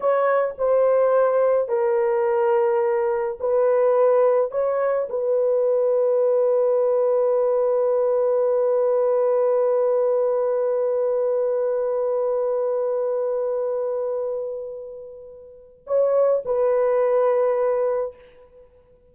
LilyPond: \new Staff \with { instrumentName = "horn" } { \time 4/4 \tempo 4 = 106 cis''4 c''2 ais'4~ | ais'2 b'2 | cis''4 b'2.~ | b'1~ |
b'1~ | b'1~ | b'1 | cis''4 b'2. | }